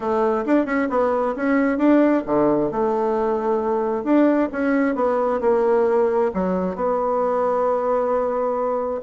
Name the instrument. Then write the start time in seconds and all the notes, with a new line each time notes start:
bassoon
0.00 A3
0.45 D4
0.65 C#4
0.89 B3
1.35 C#4
1.77 D4
2.26 D3
2.71 A3
4.04 D4
4.52 C#4
4.95 B3
5.40 A#3
6.33 F#3
6.75 B3